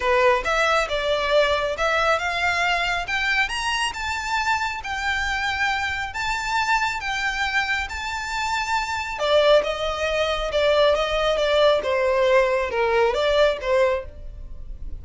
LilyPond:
\new Staff \with { instrumentName = "violin" } { \time 4/4 \tempo 4 = 137 b'4 e''4 d''2 | e''4 f''2 g''4 | ais''4 a''2 g''4~ | g''2 a''2 |
g''2 a''2~ | a''4 d''4 dis''2 | d''4 dis''4 d''4 c''4~ | c''4 ais'4 d''4 c''4 | }